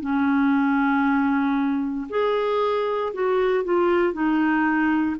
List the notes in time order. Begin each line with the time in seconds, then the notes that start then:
0.00 C#4
2.09 G#4
3.13 F#4
3.64 F4
4.12 D#4